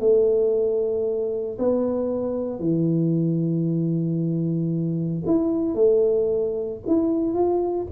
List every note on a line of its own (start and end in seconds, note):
0.00 1.58 A3
1.59 2.60 B3
2.60 5.23 E3
5.27 5.75 E4
5.75 6.80 A3
6.87 7.34 E4
7.34 7.87 F4